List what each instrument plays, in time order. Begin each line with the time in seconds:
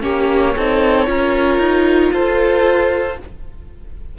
0.00 cello A#3, viola C#4, violin G4 C#5
0.55 cello C4, viola D#4, violin A4
1.05 cello C#4, viola F4, violin A#4
1.57 cello D#4
2.12 cello F4, violin A4 C5